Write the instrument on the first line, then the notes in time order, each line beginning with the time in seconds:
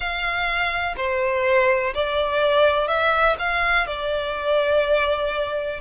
violin
0.00 F5
0.96 C5
1.94 D5
2.87 E5
3.38 F5
3.86 D5